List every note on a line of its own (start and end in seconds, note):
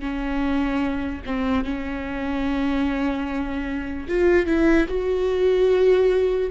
0.00 1.22 C#4
1.26 1.64 C4
1.64 4.08 C#4
4.08 4.46 F4
4.46 4.86 E4
4.88 6.50 F#4